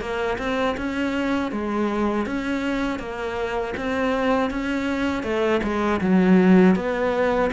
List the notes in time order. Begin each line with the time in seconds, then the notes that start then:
0.00 A#3
0.38 C4
0.77 C#4
1.51 G#3
2.26 C#4
2.99 A#3
3.76 C4
4.50 C#4
5.23 A3
5.63 G#3
6.01 F#3
6.75 B3